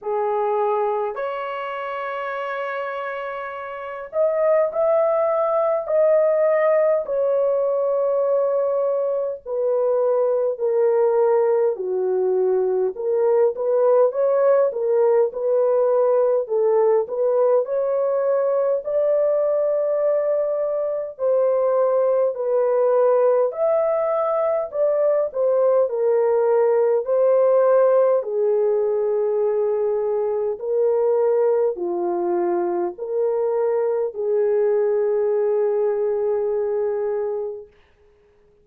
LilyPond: \new Staff \with { instrumentName = "horn" } { \time 4/4 \tempo 4 = 51 gis'4 cis''2~ cis''8 dis''8 | e''4 dis''4 cis''2 | b'4 ais'4 fis'4 ais'8 b'8 | cis''8 ais'8 b'4 a'8 b'8 cis''4 |
d''2 c''4 b'4 | e''4 d''8 c''8 ais'4 c''4 | gis'2 ais'4 f'4 | ais'4 gis'2. | }